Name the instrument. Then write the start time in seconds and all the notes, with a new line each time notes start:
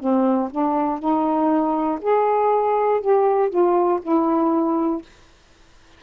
saxophone
0.00 C4
0.50 D4
1.00 D#4
2.01 G#4
3.01 G4
3.50 F4
4.02 E4